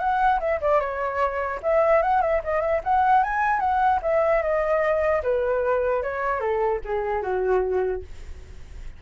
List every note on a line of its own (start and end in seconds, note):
0.00 0.40 F#5
0.40 0.60 E5
0.61 0.81 D5
0.81 1.61 C#5
1.63 2.03 E5
2.03 2.22 F#5
2.22 2.42 E5
2.44 2.61 D#5
2.61 2.81 E5
2.84 3.24 F#5
3.24 3.60 G#5
3.60 4.00 F#5
4.03 4.43 E5
4.43 5.23 D#5
5.23 6.03 B4
6.03 6.41 C#5
6.41 6.81 A4
6.85 7.23 G#4
7.23 8.03 F#4